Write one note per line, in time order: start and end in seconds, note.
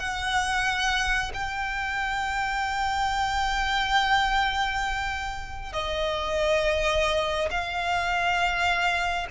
0.00 1.32 F#5
1.34 5.73 G5
5.73 7.50 D#5
7.51 9.27 F5